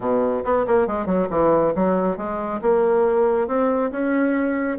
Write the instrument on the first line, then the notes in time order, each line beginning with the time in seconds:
bassoon
0.00 B2
0.44 B3
0.66 A#3
0.87 G#3
1.06 F#3
1.30 E3
1.75 F#3
2.17 G#3
2.61 A#3
3.47 C4
3.91 C#4